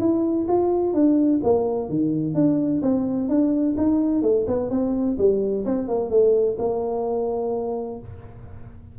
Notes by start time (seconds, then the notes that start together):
0.00 E4
0.48 F4
0.94 D4
1.43 A#3
1.89 D#3
2.35 D4
2.82 C4
3.29 D4
3.77 D#4
4.22 A3
4.47 B3
4.70 C4
5.18 G3
5.65 C4
5.88 A#3
6.10 A3
6.59 A#3